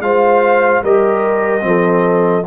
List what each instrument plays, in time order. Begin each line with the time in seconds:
0.00 tuba G#3, trombone F4, horn C5, trumpet F5
0.83 tuba G3, trombone G4, horn A#4, trumpet D#5
1.61 tuba F3, trombone C4
1.67 horn A4